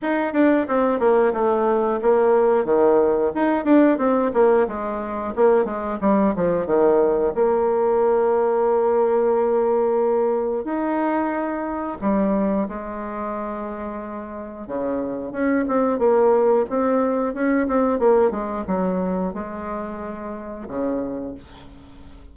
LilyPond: \new Staff \with { instrumentName = "bassoon" } { \time 4/4 \tempo 4 = 90 dis'8 d'8 c'8 ais8 a4 ais4 | dis4 dis'8 d'8 c'8 ais8 gis4 | ais8 gis8 g8 f8 dis4 ais4~ | ais1 |
dis'2 g4 gis4~ | gis2 cis4 cis'8 c'8 | ais4 c'4 cis'8 c'8 ais8 gis8 | fis4 gis2 cis4 | }